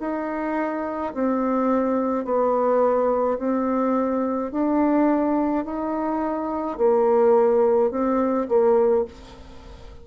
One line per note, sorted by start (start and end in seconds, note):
0.00 1.13 D#4
1.14 2.25 C4
2.25 3.38 B3
3.39 4.52 C4
4.52 5.65 D4
5.65 6.78 D#4
6.78 7.91 A#3
7.91 8.48 C4
8.49 9.05 A#3